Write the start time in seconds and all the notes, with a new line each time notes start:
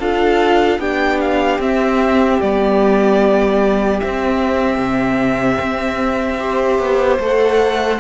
0.00 D4 F4 A4 F5
0.79 B3 D4 G4 G5
1.21 F5
1.59 C4 E5
2.41 G3 B3 D5
4.00 C4 E5
4.78 C3
5.60 C4
6.39 G4 C5
6.79 B3
7.20 A3 A4 F#5